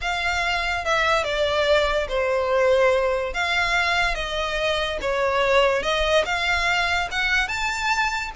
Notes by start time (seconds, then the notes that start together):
0.01 F5
0.84 E5
1.24 D5
2.08 C5
3.33 F5
4.15 D#5
5.01 C#5
5.82 D#5
6.25 F5
7.11 F#5
7.48 A5